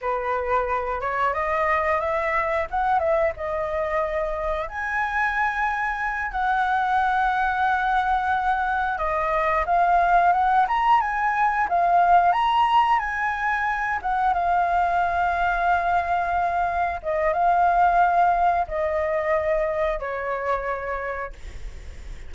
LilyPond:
\new Staff \with { instrumentName = "flute" } { \time 4/4 \tempo 4 = 90 b'4. cis''8 dis''4 e''4 | fis''8 e''8 dis''2 gis''4~ | gis''4. fis''2~ fis''8~ | fis''4. dis''4 f''4 fis''8 |
ais''8 gis''4 f''4 ais''4 gis''8~ | gis''4 fis''8 f''2~ f''8~ | f''4. dis''8 f''2 | dis''2 cis''2 | }